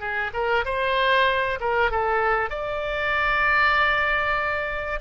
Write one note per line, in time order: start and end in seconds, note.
0.00 0.31 G#4
0.34 0.65 A#4
0.65 1.59 C5
1.60 1.91 A#4
1.91 2.50 A4
2.50 5.00 D5